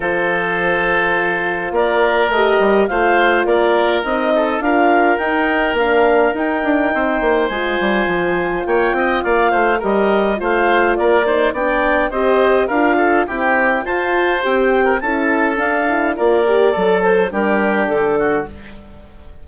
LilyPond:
<<
  \new Staff \with { instrumentName = "clarinet" } { \time 4/4 \tempo 4 = 104 c''2. d''4 | dis''4 f''4 d''4 dis''4 | f''4 g''4 f''4 g''4~ | g''4 gis''2 g''4 |
f''4 dis''4 f''4 d''4 | g''4 dis''4 f''4 g''4 | a''4 g''4 a''4 f''4 | d''4. c''8 ais'4 a'4 | }
  \new Staff \with { instrumentName = "oboe" } { \time 4/4 a'2. ais'4~ | ais'4 c''4 ais'4. a'8 | ais'1 | c''2. cis''8 dis''8 |
d''8 c''8 ais'4 c''4 ais'8 c''8 | d''4 c''4 ais'8 a'8 g'4 | c''4.~ c''16 ais'16 a'2 | ais'4 a'4 g'4. fis'8 | }
  \new Staff \with { instrumentName = "horn" } { \time 4/4 f'1 | g'4 f'2 dis'4 | f'4 dis'4 d'4 dis'4~ | dis'4 f'2.~ |
f'4 g'4 f'4. dis'8 | d'4 g'4 f'4 c'4 | f'4 g'4 e'4 d'8 e'8 | f'8 g'8 a'4 d'2 | }
  \new Staff \with { instrumentName = "bassoon" } { \time 4/4 f2. ais4 | a8 g8 a4 ais4 c'4 | d'4 dis'4 ais4 dis'8 d'8 | c'8 ais8 gis8 g8 f4 ais8 c'8 |
ais8 a8 g4 a4 ais4 | b4 c'4 d'4 e'4 | f'4 c'4 cis'4 d'4 | ais4 fis4 g4 d4 | }
>>